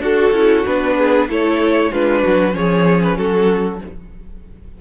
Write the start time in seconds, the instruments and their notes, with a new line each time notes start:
0.00 cello D4, viola F#4, violin F#4 A4
0.32 cello C#4, viola E4
0.67 cello B3, viola D4, violin B4
0.98 violin G#4
1.29 cello A3, viola E4, violin A4 C#5
1.92 cello G#3, viola D4, violin F4 B4
2.22 cello F#3, violin F#4
2.53 cello F3, viola C#4, violin G#4 C#5
3.03 violin B4
3.18 cello F#3, violin F#4 A4